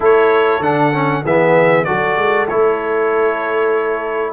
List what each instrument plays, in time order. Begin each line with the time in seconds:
0.00 tuba A3, trombone E4, horn A4, trumpet C#5
0.60 tuba D3, trombone D4, trumpet F#5
0.93 trombone C#4
1.23 tuba E3, trombone B3, horn G#4, trumpet E5
1.84 tuba F#3, trombone F#4, horn A4, trumpet D5
2.16 tuba G#3
2.48 tuba A3, trombone E4, trumpet C#5